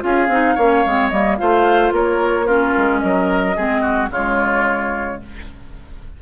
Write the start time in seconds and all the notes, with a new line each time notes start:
0.00 C#4 F4 G#4 F5
0.28 C4 D#4
0.55 A#3 C#4 C#5
0.85 G#3 C4
1.09 G3 A#3 D#5
1.37 A3 F4 C5 F5
1.91 A#3 A#4 C#5
2.46 C#4 F4 A#4
2.77 G#3
2.98 F#3 A#4 D#5
3.56 G#3 C4 G#4
3.81 F#4
4.10 C#3 G#3 F4 C#5